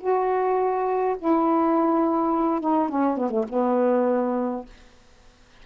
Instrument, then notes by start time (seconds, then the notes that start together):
saxophone
0.00 F#4
1.19 E4
2.60 D#4
2.89 C#4
3.17 B3
3.30 A3
3.49 B3